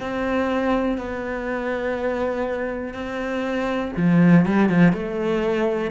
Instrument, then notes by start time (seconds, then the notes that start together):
cello
0.00 C4
0.97 B3
2.93 C4
3.97 F3
4.46 G3
4.69 F3
4.92 A3